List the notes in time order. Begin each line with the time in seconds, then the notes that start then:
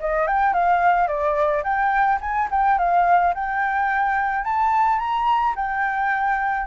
0.00 D#5
0.27 G5
0.54 F5
1.08 D5
1.63 G5
2.21 G#5
2.51 G5
2.78 F5
3.34 G5
4.44 A5
4.99 A#5
5.56 G5